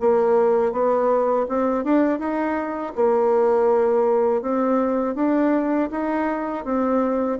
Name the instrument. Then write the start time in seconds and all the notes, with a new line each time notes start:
bassoon
0.00 A#3
0.72 B3
1.48 C4
1.84 D4
2.19 D#4
2.95 A#3
4.42 C4
5.15 D4
5.91 D#4
6.64 C4